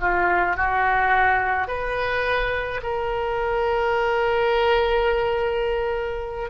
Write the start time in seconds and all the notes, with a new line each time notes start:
0.00 F4
0.57 F#4
1.68 B4
2.83 A#4